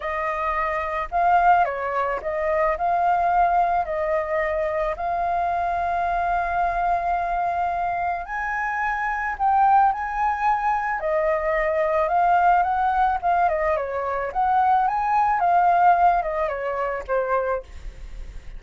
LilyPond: \new Staff \with { instrumentName = "flute" } { \time 4/4 \tempo 4 = 109 dis''2 f''4 cis''4 | dis''4 f''2 dis''4~ | dis''4 f''2.~ | f''2. gis''4~ |
gis''4 g''4 gis''2 | dis''2 f''4 fis''4 | f''8 dis''8 cis''4 fis''4 gis''4 | f''4. dis''8 cis''4 c''4 | }